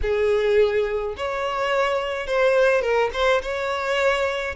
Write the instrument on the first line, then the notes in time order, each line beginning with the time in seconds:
violin
0.02 G#4
1.16 C#5
2.26 C5
2.81 A#4
3.13 C5
3.42 C#5